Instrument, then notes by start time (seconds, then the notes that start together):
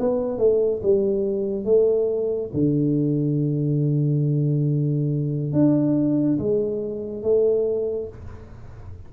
tuba
0.00 B3
0.39 A3
0.83 G3
1.65 A3
2.54 D3
5.53 D4
6.39 G#3
7.23 A3